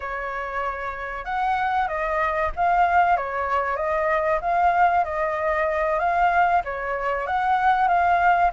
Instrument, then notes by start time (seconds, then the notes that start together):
flute
0.00 C#5
1.24 F#5
1.88 D#5
2.56 F5
3.16 C#5
3.76 D#5
4.41 F5
5.04 D#5
5.99 F5
6.64 C#5
7.27 F#5
7.88 F5